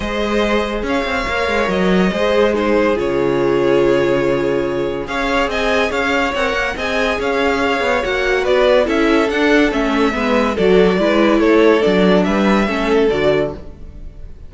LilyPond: <<
  \new Staff \with { instrumentName = "violin" } { \time 4/4 \tempo 4 = 142 dis''2 f''2 | dis''2 c''4 cis''4~ | cis''1 | f''4 gis''4 f''4 fis''4 |
gis''4 f''2 fis''4 | d''4 e''4 fis''4 e''4~ | e''4 d''2 cis''4 | d''4 e''2 d''4 | }
  \new Staff \with { instrumentName = "violin" } { \time 4/4 c''2 cis''2~ | cis''4 c''4 gis'2~ | gis'1 | cis''4 dis''4 cis''2 |
dis''4 cis''2. | b'4 a'2. | b'4 a'4 b'4 a'4~ | a'4 b'4 a'2 | }
  \new Staff \with { instrumentName = "viola" } { \time 4/4 gis'2. ais'4~ | ais'4 gis'4 dis'4 f'4~ | f'1 | gis'2. ais'4 |
gis'2. fis'4~ | fis'4 e'4 d'4 cis'4 | b4 fis'4 e'2 | d'2 cis'4 fis'4 | }
  \new Staff \with { instrumentName = "cello" } { \time 4/4 gis2 cis'8 c'8 ais8 gis8 | fis4 gis2 cis4~ | cis1 | cis'4 c'4 cis'4 c'8 ais8 |
c'4 cis'4. b8 ais4 | b4 cis'4 d'4 a4 | gis4 fis4 gis4 a4 | fis4 g4 a4 d4 | }
>>